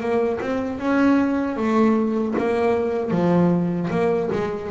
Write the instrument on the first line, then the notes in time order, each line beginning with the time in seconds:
double bass
0.00 A#3
0.40 C4
0.79 C#4
1.56 A3
2.38 A#3
3.10 F3
3.90 A#3
4.32 G#3